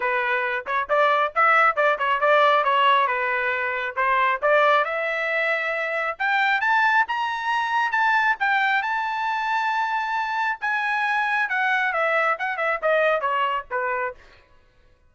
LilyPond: \new Staff \with { instrumentName = "trumpet" } { \time 4/4 \tempo 4 = 136 b'4. cis''8 d''4 e''4 | d''8 cis''8 d''4 cis''4 b'4~ | b'4 c''4 d''4 e''4~ | e''2 g''4 a''4 |
ais''2 a''4 g''4 | a''1 | gis''2 fis''4 e''4 | fis''8 e''8 dis''4 cis''4 b'4 | }